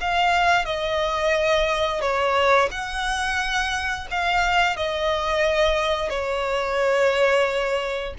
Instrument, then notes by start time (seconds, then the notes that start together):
violin
0.00 F5
0.65 D#5
2.01 C#5
2.71 F#5
4.11 F5
4.76 D#5
6.09 C#5